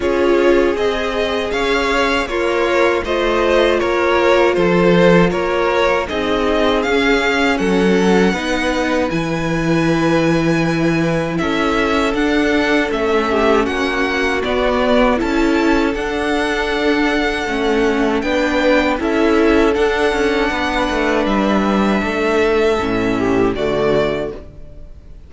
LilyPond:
<<
  \new Staff \with { instrumentName = "violin" } { \time 4/4 \tempo 4 = 79 cis''4 dis''4 f''4 cis''4 | dis''4 cis''4 c''4 cis''4 | dis''4 f''4 fis''2 | gis''2. e''4 |
fis''4 e''4 fis''4 d''4 | a''4 fis''2. | g''4 e''4 fis''2 | e''2. d''4 | }
  \new Staff \with { instrumentName = "violin" } { \time 4/4 gis'2 cis''4 f'4 | c''4 ais'4 a'4 ais'4 | gis'2 a'4 b'4~ | b'2. a'4~ |
a'4. g'8 fis'2 | a'1 | b'4 a'2 b'4~ | b'4 a'4. g'8 fis'4 | }
  \new Staff \with { instrumentName = "viola" } { \time 4/4 f'4 gis'2 ais'4 | f'1 | dis'4 cis'2 dis'4 | e'1 |
d'4 cis'2 b4 | e'4 d'2 cis'4 | d'4 e'4 d'2~ | d'2 cis'4 a4 | }
  \new Staff \with { instrumentName = "cello" } { \time 4/4 cis'4 c'4 cis'4 ais4 | a4 ais4 f4 ais4 | c'4 cis'4 fis4 b4 | e2. cis'4 |
d'4 a4 ais4 b4 | cis'4 d'2 a4 | b4 cis'4 d'8 cis'8 b8 a8 | g4 a4 a,4 d4 | }
>>